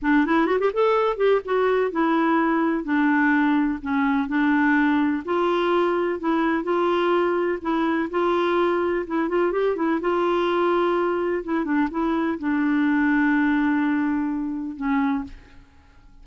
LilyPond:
\new Staff \with { instrumentName = "clarinet" } { \time 4/4 \tempo 4 = 126 d'8 e'8 fis'16 g'16 a'4 g'8 fis'4 | e'2 d'2 | cis'4 d'2 f'4~ | f'4 e'4 f'2 |
e'4 f'2 e'8 f'8 | g'8 e'8 f'2. | e'8 d'8 e'4 d'2~ | d'2. cis'4 | }